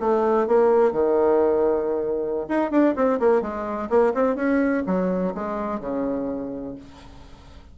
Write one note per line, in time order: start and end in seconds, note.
0.00 0.47 A3
0.47 0.92 A#3
0.92 2.47 D#3
2.48 2.71 D#4
2.71 2.95 D4
2.95 3.19 C4
3.20 3.42 A#3
3.42 3.89 G#3
3.89 4.13 A#3
4.14 4.35 C4
4.35 4.83 C#4
4.87 5.34 F#3
5.34 5.80 G#3
5.80 6.75 C#3